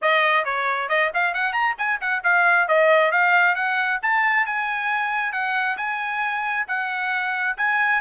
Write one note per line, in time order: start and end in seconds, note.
0.01 0.44 D#5
0.44 0.88 C#5
0.88 1.11 D#5
1.14 1.34 F5
1.34 1.52 F#5
1.52 1.75 A#5
1.78 2.00 G#5
2.01 2.23 F#5
2.23 2.68 F5
2.68 3.11 D#5
3.11 3.55 F5
3.55 3.99 F#5
4.02 4.46 A5
4.46 5.32 G#5
5.32 5.76 F#5
5.77 6.66 G#5
6.67 7.56 F#5
7.57 8.01 G#5